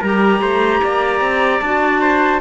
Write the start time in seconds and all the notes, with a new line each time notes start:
0.00 G3 G4 A#4 A#5
0.41 A3 C5
0.83 A#3 D5
1.21 C4
1.60 D4 F#4 A5
2.01 C5